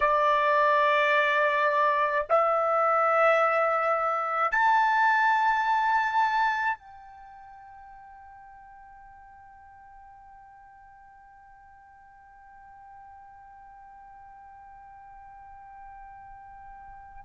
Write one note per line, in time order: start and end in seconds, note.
0.00 2.26 D5
2.29 4.51 E5
4.51 6.77 A5
6.77 17.24 G5